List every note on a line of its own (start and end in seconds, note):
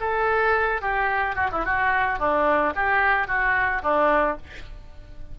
0.00 0.81 A4
0.81 1.35 G4
1.35 1.49 F#4
1.51 1.65 E4
1.65 2.19 F#4
2.19 2.73 D4
2.75 3.27 G4
3.27 3.82 F#4
3.82 4.37 D4